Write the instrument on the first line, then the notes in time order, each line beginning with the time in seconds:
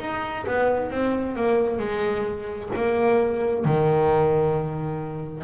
double bass
0.00 D#4
0.47 B3
0.91 C4
1.36 A#3
1.79 G#3
2.76 A#3
3.65 D#3